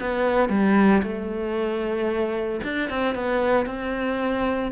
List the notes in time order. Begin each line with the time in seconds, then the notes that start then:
0.00 B3
0.49 G3
1.03 A3
2.63 D4
2.89 C4
3.14 B3
3.66 C4